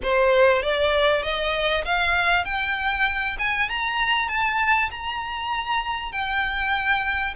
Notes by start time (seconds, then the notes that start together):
0.03 C5
0.62 D5
1.22 D#5
1.84 F5
2.45 G5
3.38 G#5
3.69 A#5
4.28 A5
4.91 A#5
6.12 G5